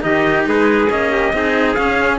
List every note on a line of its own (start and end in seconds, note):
0.00 0.46 D#3
0.00 0.87 D#4
0.00 0.48 G4
0.00 0.45 D#5
0.46 0.89 G#3
0.46 1.11 G#4
0.46 0.90 B4
0.89 1.33 A#3
0.89 1.32 C#4
0.89 1.74 D#5
1.11 1.33 G4
1.33 1.77 C4
1.33 1.76 D#4
1.33 2.18 G#4
1.74 2.18 C#4
1.74 2.17 F5